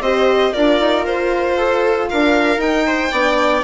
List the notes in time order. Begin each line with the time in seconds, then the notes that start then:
0.00 C4 G4 C5 D#5
0.53 D4 F4 A#4 D5
0.80 D#4
1.05 F4 C5
1.57 A4
2.08 D4 A#4 F5
2.57 D#4 G5
2.87 C5
3.11 B3 D4 D5